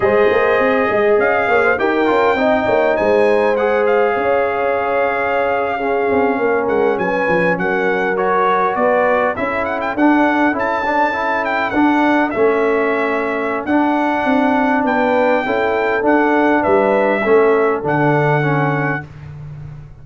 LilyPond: <<
  \new Staff \with { instrumentName = "trumpet" } { \time 4/4 \tempo 4 = 101 dis''2 f''4 g''4~ | g''4 gis''4 fis''8 f''4.~ | f''2.~ f''16 fis''8 gis''16~ | gis''8. fis''4 cis''4 d''4 e''16~ |
e''16 fis''16 g''16 fis''4 a''4. g''8 fis''16~ | fis''8. e''2~ e''16 fis''4~ | fis''4 g''2 fis''4 | e''2 fis''2 | }
  \new Staff \with { instrumentName = "horn" } { \time 4/4 c''4. dis''4 cis''16 c''16 ais'4 | dis''8 cis''8 c''2 cis''4~ | cis''4.~ cis''16 gis'4 ais'4 b'16~ | b'8. ais'2 b'4 a'16~ |
a'1~ | a'1~ | a'4 b'4 a'2 | b'4 a'2. | }
  \new Staff \with { instrumentName = "trombone" } { \time 4/4 gis'2. g'8 f'8 | dis'2 gis'2~ | gis'4.~ gis'16 cis'2~ cis'16~ | cis'4.~ cis'16 fis'2 e'16~ |
e'8. d'4 e'8 d'8 e'4 d'16~ | d'8. cis'2~ cis'16 d'4~ | d'2 e'4 d'4~ | d'4 cis'4 d'4 cis'4 | }
  \new Staff \with { instrumentName = "tuba" } { \time 4/4 gis8 ais8 c'8 gis8 cis'8 ais8 dis'8 cis'8 | c'8 ais8 gis2 cis'4~ | cis'2~ cis'16 c'8 ais8 gis8 fis16~ | fis16 f8 fis2 b4 cis'16~ |
cis'8. d'4 cis'2 d'16~ | d'8. a2~ a16 d'4 | c'4 b4 cis'4 d'4 | g4 a4 d2 | }
>>